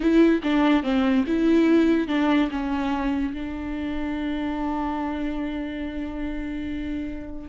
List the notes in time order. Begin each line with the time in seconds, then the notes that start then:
0.00 E4
0.43 D4
0.83 C4
1.26 E4
2.07 D4
2.50 C#4
3.33 D4